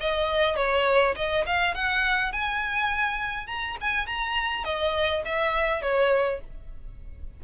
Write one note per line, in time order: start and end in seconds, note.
0.00 0.56 D#5
0.56 1.15 C#5
1.16 1.45 D#5
1.46 1.74 F5
1.74 2.32 F#5
2.32 3.47 G#5
3.47 3.76 A#5
3.81 4.06 G#5
4.06 4.64 A#5
4.64 5.23 D#5
5.25 5.82 E5
5.82 6.40 C#5